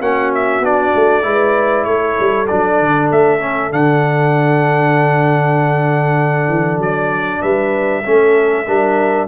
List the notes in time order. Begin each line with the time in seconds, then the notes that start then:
0.00 A#3 C#4 F#4 F#5
0.34 E5
0.60 B3 D4 D5
0.94 A3
1.22 G#3 E4 B4
1.84 A3 A4 C#5
2.19 G3
2.47 F#3 D4 D5
2.80 D3
3.11 A3 E5
3.40 C#4
3.70 D3 D4 F#5
6.48 E3
6.77 F#3 D5
7.41 G3 B4 E5
8.04 A3 C#4 A4
8.66 G3 D4 A#4